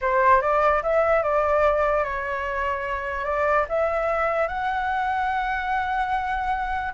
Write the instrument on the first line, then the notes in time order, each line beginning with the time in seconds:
flute
0.01 C5
0.41 D5
0.83 E5
1.22 D5
2.04 C#5
3.24 D5
3.68 E5
4.48 F#5